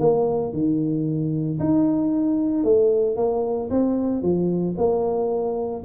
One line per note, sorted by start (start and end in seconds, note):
0.00 0.53 A#3
0.53 1.59 D#3
1.60 2.64 D#4
2.64 3.16 A3
3.16 3.69 A#3
3.70 4.22 C4
4.22 4.75 F3
4.77 5.83 A#3